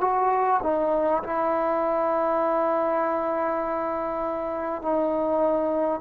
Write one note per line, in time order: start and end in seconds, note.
0.00 0.60 F#4
0.63 1.23 D#4
1.23 4.82 E4
4.82 6.01 D#4